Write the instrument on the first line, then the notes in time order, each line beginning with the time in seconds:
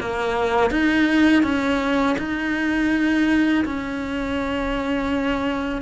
cello
0.00 A#3
0.70 D#4
1.43 C#4
2.18 D#4
3.65 C#4